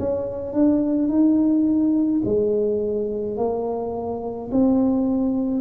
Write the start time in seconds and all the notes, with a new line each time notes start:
0.00 C#4
0.54 D4
1.09 D#4
2.25 G#3
3.38 A#3
4.52 C4